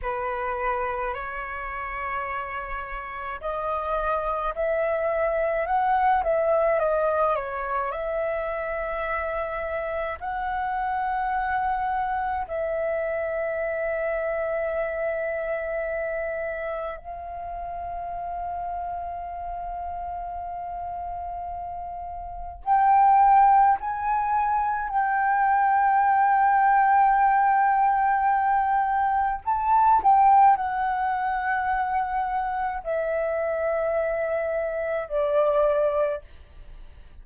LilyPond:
\new Staff \with { instrumentName = "flute" } { \time 4/4 \tempo 4 = 53 b'4 cis''2 dis''4 | e''4 fis''8 e''8 dis''8 cis''8 e''4~ | e''4 fis''2 e''4~ | e''2. f''4~ |
f''1 | g''4 gis''4 g''2~ | g''2 a''8 g''8 fis''4~ | fis''4 e''2 d''4 | }